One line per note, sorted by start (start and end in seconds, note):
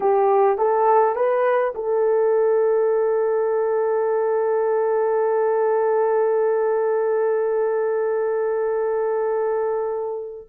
0.00 0.57 G4
0.57 1.15 A4
1.15 1.73 B4
1.74 10.48 A4